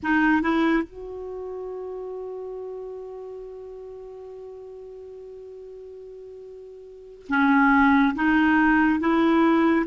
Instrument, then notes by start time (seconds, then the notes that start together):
clarinet
0.02 D#4
0.42 E4
0.83 F#4
7.29 C#4
8.15 D#4
9.00 E4